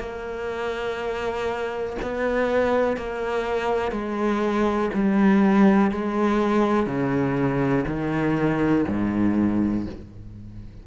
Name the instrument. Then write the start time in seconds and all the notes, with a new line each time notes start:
cello
0.00 A#3
2.02 B3
2.97 A#3
3.92 G#3
4.94 G3
5.91 G#3
6.86 C#3
7.87 D#3
8.88 G#2